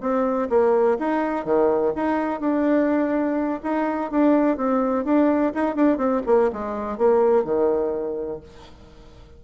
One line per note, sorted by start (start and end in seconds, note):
0.00 0.48 C4
0.49 0.97 A#3
0.99 1.45 D#4
1.45 1.93 D#3
1.95 2.40 D#4
2.40 3.60 D4
3.63 4.10 D#4
4.10 4.56 D4
4.56 5.04 C4
5.04 5.52 D4
5.54 5.75 D#4
5.75 5.97 D4
5.97 6.21 C4
6.26 6.50 A#3
6.52 6.98 G#3
6.98 7.44 A#3
7.44 8.40 D#3